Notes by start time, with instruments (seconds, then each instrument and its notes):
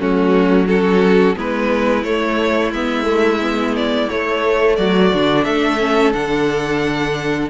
0.00 cello F#3, viola A3, violin C#4 F#4
0.67 viola C#4, violin F#4 A4
1.36 cello G#3, viola B3, violin E4 B4
2.04 cello A3, viola A3, violin C#5
2.72 cello G#3, viola B3, violin E5
3.04 viola A3
3.41 viola B3
3.76 violin D5
4.10 viola A3, cello A3, violin C#5
4.76 cello F#3, violin F#4 D5
5.14 cello D3, viola D4
5.44 cello A3, violin A4 E5
5.79 viola C#4
6.13 cello D3, viola D4, violin F#5